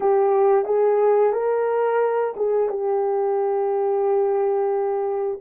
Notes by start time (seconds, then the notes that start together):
0.00 G4
0.65 G#4
1.32 A#4
2.36 G#4
2.69 G4